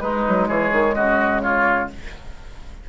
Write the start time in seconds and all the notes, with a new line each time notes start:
0.00 G#3 D#4 B4
0.28 F#3
0.48 E3 G#4 C#5
0.72 D#3
0.95 C#3 F#4 D#5
1.42 F4 C#5